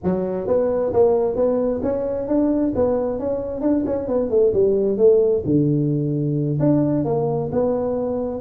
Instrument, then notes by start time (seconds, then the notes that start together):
tuba
0.03 F#3
0.47 B3
0.93 A#3
1.35 B3
1.83 C#4
2.27 D4
2.75 B3
3.19 C#4
3.61 D4
3.86 C#4
4.07 B3
4.30 A3
4.53 G3
4.97 A3
5.45 D3
6.59 D4
7.05 A#3
7.52 B3